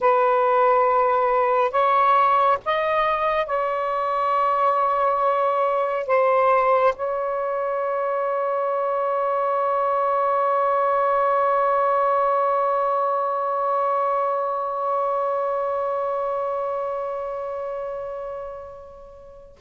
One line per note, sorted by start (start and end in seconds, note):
0.00 1.71 B4
1.71 2.58 C#5
2.65 3.46 D#5
3.46 6.07 C#5
6.07 6.94 C5
6.95 19.56 C#5